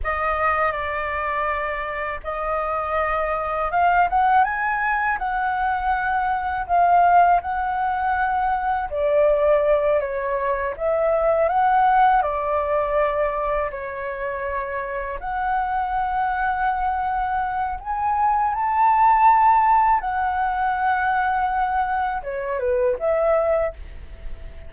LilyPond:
\new Staff \with { instrumentName = "flute" } { \time 4/4 \tempo 4 = 81 dis''4 d''2 dis''4~ | dis''4 f''8 fis''8 gis''4 fis''4~ | fis''4 f''4 fis''2 | d''4. cis''4 e''4 fis''8~ |
fis''8 d''2 cis''4.~ | cis''8 fis''2.~ fis''8 | gis''4 a''2 fis''4~ | fis''2 cis''8 b'8 e''4 | }